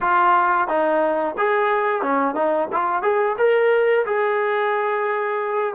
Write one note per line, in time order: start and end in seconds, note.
0.00 0.67 F4
0.67 1.35 D#4
1.37 2.02 G#4
2.02 2.34 C#4
2.34 2.68 D#4
2.72 3.02 F4
3.02 3.36 G#4
3.37 4.05 A#4
4.05 5.74 G#4